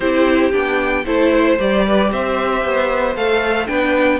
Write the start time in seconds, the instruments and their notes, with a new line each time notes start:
0.00 cello C4, viola E4, violin G4 C5
0.52 cello B3, viola D4, violin G5
1.05 cello A3, viola E4, violin A4 C5
1.33 violin C5
1.58 cello G3, viola G4, violin D5
1.86 violin B4
2.11 cello C4, violin C5 E5
2.64 cello B3
3.15 cello A3, viola A4, violin F5
3.66 cello B3, viola D4, violin B4 G5